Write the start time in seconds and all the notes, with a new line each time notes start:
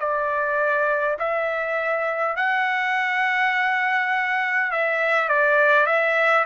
0.00 D5
1.19 E5
2.36 F#5
4.72 E5
5.29 D5
5.87 E5